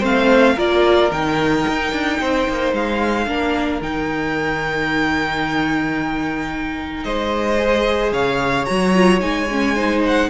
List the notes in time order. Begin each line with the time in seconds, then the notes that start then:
0.00 A3 C4 C5 F5
0.56 A#3 F4 A#4 D5
1.12 D#3 D#4 G5
1.68 D#4
1.92 D4
2.20 C4 C5
2.49 A#3
2.73 G#3 F5
3.27 A#3 D4 A#4
3.82 D#3 D#4 G5
7.04 G#3 C5 D#5
7.58 G#4
8.12 C#3 C#5 F5
8.66 F#3 F#4 A#5
8.94 F4
9.20 G#3 D#4 G#5
9.51 C#4
9.76 D#4 C5
10.06 F#5